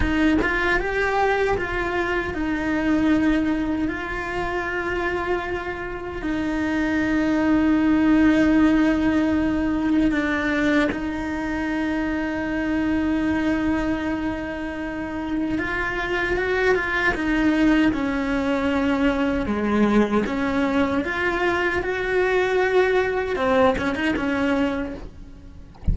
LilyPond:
\new Staff \with { instrumentName = "cello" } { \time 4/4 \tempo 4 = 77 dis'8 f'8 g'4 f'4 dis'4~ | dis'4 f'2. | dis'1~ | dis'4 d'4 dis'2~ |
dis'1 | f'4 fis'8 f'8 dis'4 cis'4~ | cis'4 gis4 cis'4 f'4 | fis'2 c'8 cis'16 dis'16 cis'4 | }